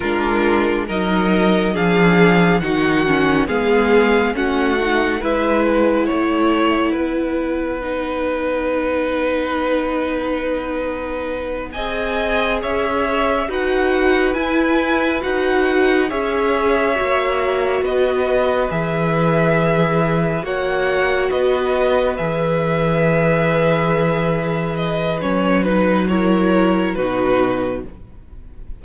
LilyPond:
<<
  \new Staff \with { instrumentName = "violin" } { \time 4/4 \tempo 4 = 69 ais'4 dis''4 f''4 fis''4 | f''4 fis''4 e''8 fis''4.~ | fis''1~ | fis''4. gis''4 e''4 fis''8~ |
fis''8 gis''4 fis''4 e''4.~ | e''8 dis''4 e''2 fis''8~ | fis''8 dis''4 e''2~ e''8~ | e''8 dis''8 cis''8 b'8 cis''4 b'4 | }
  \new Staff \with { instrumentName = "violin" } { \time 4/4 f'4 ais'4 gis'4 fis'4 | gis'4 fis'4 b'4 cis''4 | b'1~ | b'4. dis''4 cis''4 b'8~ |
b'2~ b'8 cis''4.~ | cis''8 b'2. cis''8~ | cis''8 b'2.~ b'8~ | b'2 ais'4 fis'4 | }
  \new Staff \with { instrumentName = "viola" } { \time 4/4 d'4 dis'4 d'4 dis'8 cis'8 | b4 cis'8 dis'8 e'2~ | e'4 dis'2.~ | dis'4. gis'2 fis'8~ |
fis'8 e'4 fis'4 gis'4 fis'8~ | fis'4. gis'2 fis'8~ | fis'4. gis'2~ gis'8~ | gis'4 cis'8 dis'8 e'4 dis'4 | }
  \new Staff \with { instrumentName = "cello" } { \time 4/4 gis4 fis4 f4 dis4 | gis4 a4 gis4 a4 | b1~ | b4. c'4 cis'4 dis'8~ |
dis'8 e'4 dis'4 cis'4 ais8~ | ais8 b4 e2 ais8~ | ais8 b4 e2~ e8~ | e4 fis2 b,4 | }
>>